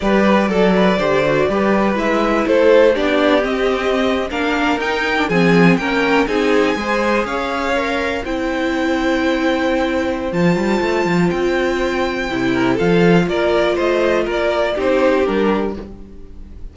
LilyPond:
<<
  \new Staff \with { instrumentName = "violin" } { \time 4/4 \tempo 4 = 122 d''1 | e''4 c''4 d''4 dis''4~ | dis''8. f''4 g''4 gis''4 g''16~ | g''8. gis''2 f''4~ f''16~ |
f''8. g''2.~ g''16~ | g''4 a''2 g''4~ | g''2 f''4 d''4 | dis''4 d''4 c''4 ais'4 | }
  \new Staff \with { instrumentName = "violin" } { \time 4/4 b'4 a'8 b'8 c''4 b'4~ | b'4 a'4 g'2~ | g'8. ais'2 gis'4 ais'16~ | ais'8. gis'4 c''4 cis''4~ cis''16~ |
cis''8. c''2.~ c''16~ | c''1~ | c''4. ais'8 a'4 ais'4 | c''4 ais'4 g'2 | }
  \new Staff \with { instrumentName = "viola" } { \time 4/4 g'4 a'4 g'8 fis'8 g'4 | e'2 d'4 c'4~ | c'8. d'4 dis'8. d'16 c'4 cis'16~ | cis'8. dis'4 gis'2 ais'16~ |
ais'8. e'2.~ e'16~ | e'4 f'2.~ | f'4 e'4 f'2~ | f'2 dis'4 d'4 | }
  \new Staff \with { instrumentName = "cello" } { \time 4/4 g4 fis4 d4 g4 | gis4 a4 b4 c'4~ | c'8. ais4 dis'4 f4 ais16~ | ais8. c'4 gis4 cis'4~ cis'16~ |
cis'8. c'2.~ c'16~ | c'4 f8 g8 a8 f8 c'4~ | c'4 c4 f4 ais4 | a4 ais4 c'4 g4 | }
>>